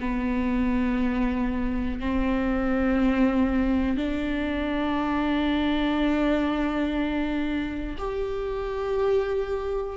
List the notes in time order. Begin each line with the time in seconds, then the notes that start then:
0.00 B3
2.00 C4
3.97 D4
7.98 G4